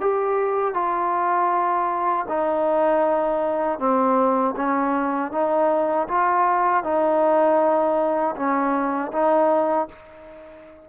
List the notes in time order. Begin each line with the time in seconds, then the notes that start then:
0.00 G4
0.74 F4
2.29 D#4
3.79 C4
4.56 C#4
5.31 D#4
6.08 F4
6.83 D#4
8.36 C#4
9.12 D#4